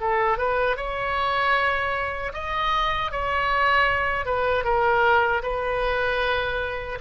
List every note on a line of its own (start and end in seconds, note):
0.00 0.38 A4
0.38 0.77 B4
0.77 2.32 C#5
2.33 3.11 D#5
3.11 4.25 C#5
4.25 4.64 B4
4.64 5.42 A#4
5.42 6.98 B4